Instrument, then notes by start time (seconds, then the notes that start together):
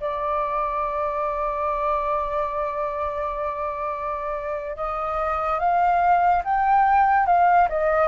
flute
0.00 D5
4.76 D#5
5.59 F5
6.44 G5
7.26 F5
7.69 D#5